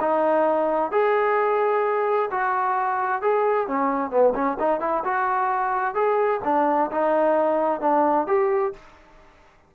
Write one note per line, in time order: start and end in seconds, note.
0.00 0.91 D#4
0.91 2.30 G#4
2.31 3.22 F#4
3.22 3.67 G#4
3.67 4.10 C#4
4.10 4.33 B3
4.34 4.58 C#4
4.59 4.80 D#4
4.80 5.03 E4
5.04 5.94 F#4
5.94 6.40 G#4
6.44 6.90 D4
6.91 7.81 D#4
7.81 8.27 D4
8.27 8.73 G4